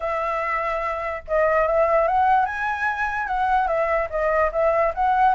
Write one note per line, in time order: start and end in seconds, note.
0.00 1.22 E5
1.27 1.67 D#5
1.67 2.07 E5
2.07 2.45 F#5
2.45 3.27 G#5
3.27 3.67 F#5
3.67 4.08 E5
4.10 4.51 D#5
4.52 4.93 E5
4.94 5.34 F#5